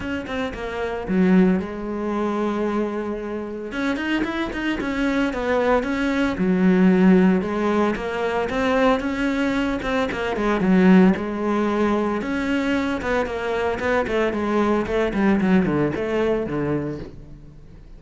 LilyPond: \new Staff \with { instrumentName = "cello" } { \time 4/4 \tempo 4 = 113 cis'8 c'8 ais4 fis4 gis4~ | gis2. cis'8 dis'8 | e'8 dis'8 cis'4 b4 cis'4 | fis2 gis4 ais4 |
c'4 cis'4. c'8 ais8 gis8 | fis4 gis2 cis'4~ | cis'8 b8 ais4 b8 a8 gis4 | a8 g8 fis8 d8 a4 d4 | }